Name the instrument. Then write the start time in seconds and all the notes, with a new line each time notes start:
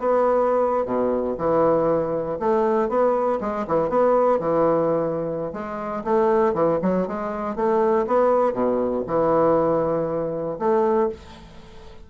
bassoon
0.00 B3
0.86 B2
1.38 E3
2.40 A3
2.89 B3
3.41 G#3
3.68 E3
3.90 B3
4.40 E3
5.53 G#3
6.05 A3
6.54 E3
6.83 F#3
7.08 G#3
7.56 A3
8.07 B3
8.54 B2
9.08 E3
10.59 A3